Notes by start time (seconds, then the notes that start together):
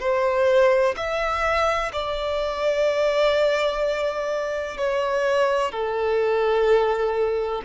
0.00 C5
0.97 E5
1.93 D5
4.77 C#5
5.71 A4